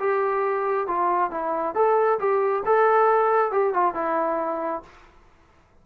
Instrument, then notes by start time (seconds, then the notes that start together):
trombone
0.00 G4
0.87 F4
1.31 E4
1.75 A4
2.19 G4
2.66 A4
3.52 G4
3.74 F4
3.95 E4